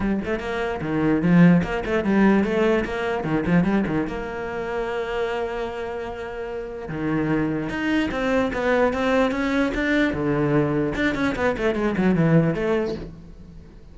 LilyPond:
\new Staff \with { instrumentName = "cello" } { \time 4/4 \tempo 4 = 148 g8 a8 ais4 dis4 f4 | ais8 a8 g4 a4 ais4 | dis8 f8 g8 dis8 ais2~ | ais1~ |
ais4 dis2 dis'4 | c'4 b4 c'4 cis'4 | d'4 d2 d'8 cis'8 | b8 a8 gis8 fis8 e4 a4 | }